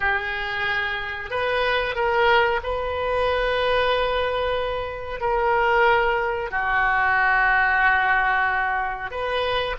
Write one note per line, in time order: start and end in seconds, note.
0.00 1.30 G#4
1.30 1.95 B4
1.95 2.60 A#4
2.63 5.20 B4
5.20 6.50 A#4
6.50 9.10 F#4
9.10 9.76 B4